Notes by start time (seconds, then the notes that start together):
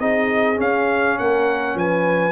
0.00 C4 D#4 G#4 D#5
0.56 C#4 F5
1.19 A#3 A#4 F#5
1.75 F3 B4 G#5